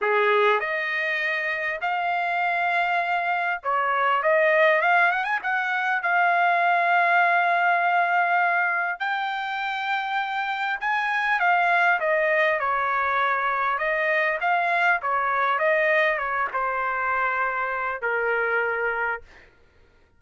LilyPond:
\new Staff \with { instrumentName = "trumpet" } { \time 4/4 \tempo 4 = 100 gis'4 dis''2 f''4~ | f''2 cis''4 dis''4 | f''8 fis''16 gis''16 fis''4 f''2~ | f''2. g''4~ |
g''2 gis''4 f''4 | dis''4 cis''2 dis''4 | f''4 cis''4 dis''4 cis''8 c''8~ | c''2 ais'2 | }